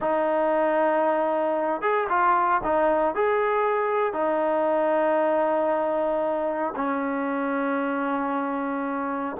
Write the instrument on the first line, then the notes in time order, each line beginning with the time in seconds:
trombone
0.00 D#4
1.81 G#4
2.09 F4
2.63 D#4
3.14 G#4
4.13 D#4
6.75 C#4